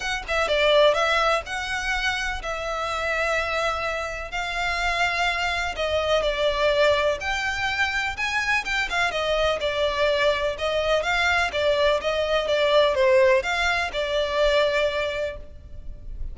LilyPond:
\new Staff \with { instrumentName = "violin" } { \time 4/4 \tempo 4 = 125 fis''8 e''8 d''4 e''4 fis''4~ | fis''4 e''2.~ | e''4 f''2. | dis''4 d''2 g''4~ |
g''4 gis''4 g''8 f''8 dis''4 | d''2 dis''4 f''4 | d''4 dis''4 d''4 c''4 | f''4 d''2. | }